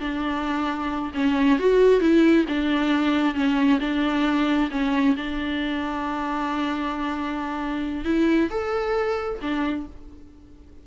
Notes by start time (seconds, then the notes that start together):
0.00 D4
1.15 C#4
1.59 F#4
2.01 E4
2.48 D4
3.35 C#4
3.81 D4
4.71 C#4
5.17 D4
8.05 E4
8.51 A4
9.42 D4